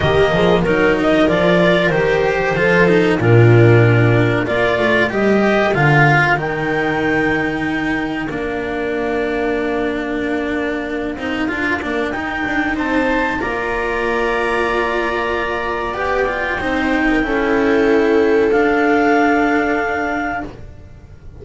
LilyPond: <<
  \new Staff \with { instrumentName = "clarinet" } { \time 4/4 \tempo 4 = 94 dis''4 ais'8 dis''8 d''4 c''4~ | c''4 ais'2 d''4 | dis''4 f''4 g''2~ | g''4 f''2.~ |
f''2. g''4 | a''4 ais''2.~ | ais''4 g''2.~ | g''4 f''2. | }
  \new Staff \with { instrumentName = "viola" } { \time 4/4 g'8 gis'8 ais'2. | a'4 f'2 ais'4~ | ais'1~ | ais'1~ |
ais'1 | c''4 d''2.~ | d''2 c''8. ais'16 a'4~ | a'1 | }
  \new Staff \with { instrumentName = "cello" } { \time 4/4 ais4 dis'4 f'4 g'4 | f'8 dis'8 d'2 f'4 | g'4 f'4 dis'2~ | dis'4 d'2.~ |
d'4. dis'8 f'8 d'8 dis'4~ | dis'4 f'2.~ | f'4 g'8 f'8 dis'4 e'4~ | e'4 d'2. | }
  \new Staff \with { instrumentName = "double bass" } { \time 4/4 dis8 f8 fis4 f4 dis4 | f4 ais,2 ais8 a8 | g4 d4 dis2~ | dis4 ais2.~ |
ais4. c'8 d'8 ais8 dis'8 d'8 | c'4 ais2.~ | ais4 b4 c'4 cis'4~ | cis'4 d'2. | }
>>